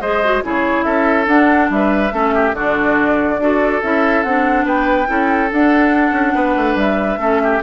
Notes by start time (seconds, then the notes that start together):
0.00 G#3 G#4 C5 D#5
0.24 F#4
0.43 C#3 E4 G#4 C#5
0.83 C#4 A4 E5
1.27 D4 F#5
1.70 G3 B4 E5
2.11 A3 C#4 A4
2.34 G4
2.53 D3 D4 F#4 D5
3.38 D4 F#4 A4
3.82 C#4 E4 E5
4.23 C4 D4 F#5
4.65 B3 B4 G5
5.06 C#4 E4 A4
5.51 D4 F#5
6.12 C#4
6.35 B3 B4
6.56 A3
6.75 G3 E5
7.17 A3 C#4 A4
7.43 G4